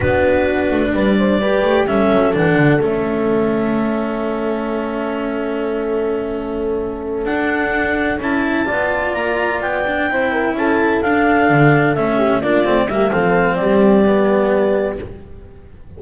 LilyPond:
<<
  \new Staff \with { instrumentName = "clarinet" } { \time 4/4 \tempo 4 = 128 b'2 d''2 | e''4 fis''4 e''2~ | e''1~ | e''2.~ e''8 fis''8~ |
fis''4. a''2 ais''8~ | ais''8 g''2 a''4 f''8~ | f''4. e''4 d''4 e''8 | f''4 d''2. | }
  \new Staff \with { instrumentName = "horn" } { \time 4/4 fis'2 b'8 c''8 b'4 | a'1~ | a'1~ | a'1~ |
a'2~ a'8 d''4.~ | d''4. c''8 ais'8 a'4.~ | a'2 g'8 f'4 g'8 | a'4 g'2. | }
  \new Staff \with { instrumentName = "cello" } { \time 4/4 d'2. g'4 | cis'4 d'4 cis'2~ | cis'1~ | cis'2.~ cis'8 d'8~ |
d'4. e'4 f'4.~ | f'4 d'8 e'2 d'8~ | d'4. cis'4 d'8 c'8 ais8 | c'2 b2 | }
  \new Staff \with { instrumentName = "double bass" } { \time 4/4 b4. a8 g4. a8 | g8 fis8 e8 d8 a2~ | a1~ | a2.~ a8 d'8~ |
d'4. cis'4 b4 ais8~ | ais8 b4 c'4 cis'4 d'8~ | d'8 d4 a4 ais8 a8 g8 | f4 g2. | }
>>